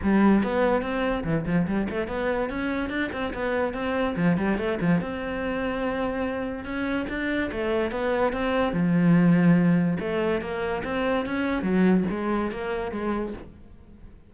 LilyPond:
\new Staff \with { instrumentName = "cello" } { \time 4/4 \tempo 4 = 144 g4 b4 c'4 e8 f8 | g8 a8 b4 cis'4 d'8 c'8 | b4 c'4 f8 g8 a8 f8 | c'1 |
cis'4 d'4 a4 b4 | c'4 f2. | a4 ais4 c'4 cis'4 | fis4 gis4 ais4 gis4 | }